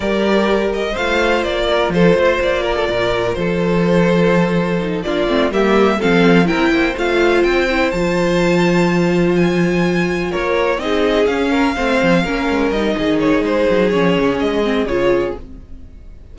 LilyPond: <<
  \new Staff \with { instrumentName = "violin" } { \time 4/4 \tempo 4 = 125 d''4. dis''8 f''4 d''4 | c''4 d''2 c''4~ | c''2~ c''8 d''4 e''8~ | e''8 f''4 g''4 f''4 g''8~ |
g''8 a''2. gis''8~ | gis''4. cis''4 dis''4 f''8~ | f''2~ f''8 dis''4 cis''8 | c''4 cis''4 dis''4 cis''4 | }
  \new Staff \with { instrumentName = "violin" } { \time 4/4 ais'2 c''4. ais'8 | a'8 c''4 ais'16 a'16 ais'4 a'4~ | a'2~ a'8 f'4 g'8~ | g'8 a'4 ais'8 c''2~ |
c''1~ | c''4. ais'4 gis'4. | ais'8 c''4 ais'4. gis'4~ | gis'1 | }
  \new Staff \with { instrumentName = "viola" } { \time 4/4 g'2 f'2~ | f'1~ | f'2 dis'8 d'8 c'8 ais8~ | ais8 c'4 e'4 f'4. |
e'8 f'2.~ f'8~ | f'2~ f'8 dis'4 cis'8~ | cis'8 c'4 cis'4 dis'4.~ | dis'4 cis'4. c'8 f'4 | }
  \new Staff \with { instrumentName = "cello" } { \time 4/4 g2 a4 ais4 | f8 a8 ais4 ais,4 f4~ | f2~ f8 ais8 a8 g8~ | g8 f4 c'8 ais8 a4 c'8~ |
c'8 f2.~ f8~ | f4. ais4 c'4 cis'8~ | cis'8 a8 f8 ais8 gis8 g8 dis4 | gis8 fis8 f8 cis8 gis4 cis4 | }
>>